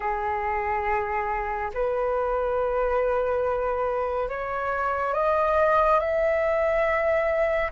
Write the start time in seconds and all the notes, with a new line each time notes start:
0.00 G#4
1.74 B4
4.29 C#5
5.14 D#5
5.99 E5